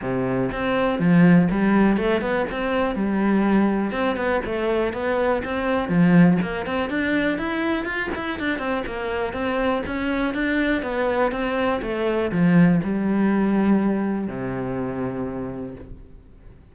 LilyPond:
\new Staff \with { instrumentName = "cello" } { \time 4/4 \tempo 4 = 122 c4 c'4 f4 g4 | a8 b8 c'4 g2 | c'8 b8 a4 b4 c'4 | f4 ais8 c'8 d'4 e'4 |
f'8 e'8 d'8 c'8 ais4 c'4 | cis'4 d'4 b4 c'4 | a4 f4 g2~ | g4 c2. | }